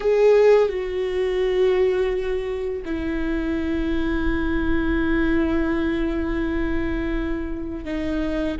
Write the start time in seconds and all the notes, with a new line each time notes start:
0.00 G#4
0.68 F#4
2.85 E4
7.84 D#4